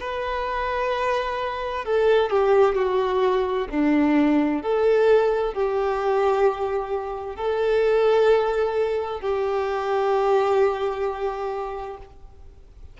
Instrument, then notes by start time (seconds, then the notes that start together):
violin
0.00 B4
1.85 A4
2.30 G4
2.75 F#4
3.70 D4
4.62 A4
5.53 G4
7.36 A4
9.21 G4